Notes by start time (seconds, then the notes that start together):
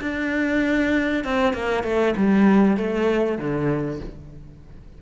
0.00 D4
1.24 C4
1.53 A#3
1.83 A3
2.16 G3
2.77 A3
3.38 D3